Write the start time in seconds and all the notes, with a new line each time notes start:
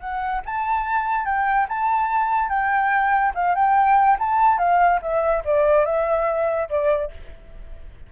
0.00 F#5
0.45 A5
1.25 G5
1.68 A5
2.49 G5
3.34 F5
3.55 G5
4.19 A5
4.58 F5
5.01 E5
5.45 D5
5.85 E5
6.69 D5